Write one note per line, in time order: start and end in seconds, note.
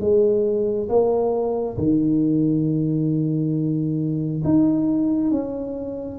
0.00 0.88 G#3
0.89 1.77 A#3
1.77 4.42 D#3
4.44 5.31 D#4
5.31 6.18 C#4